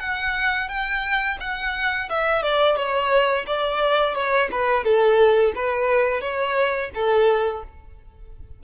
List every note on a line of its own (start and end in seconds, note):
0.00 0.69 F#5
0.69 1.38 G5
1.40 2.09 F#5
2.10 2.43 E5
2.43 2.76 D5
2.76 3.45 C#5
3.47 4.15 D5
4.15 4.49 C#5
4.52 4.84 B4
4.84 5.53 A4
5.55 6.21 B4
6.21 6.90 C#5
6.95 7.64 A4